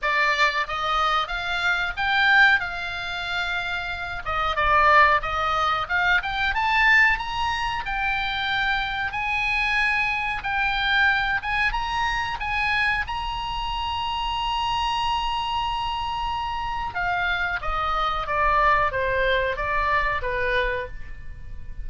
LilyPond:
\new Staff \with { instrumentName = "oboe" } { \time 4/4 \tempo 4 = 92 d''4 dis''4 f''4 g''4 | f''2~ f''8 dis''8 d''4 | dis''4 f''8 g''8 a''4 ais''4 | g''2 gis''2 |
g''4. gis''8 ais''4 gis''4 | ais''1~ | ais''2 f''4 dis''4 | d''4 c''4 d''4 b'4 | }